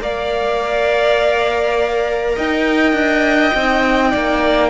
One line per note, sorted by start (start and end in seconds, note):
0.00 2.37 A#3
0.00 3.53 A#4
0.00 2.36 D5
0.00 2.37 F5
2.36 2.93 D#4
2.36 4.11 D#5
2.36 4.70 G5
2.93 3.52 D4
3.54 4.13 C4
3.54 4.70 D#4
4.11 4.70 A#3
4.11 4.70 D5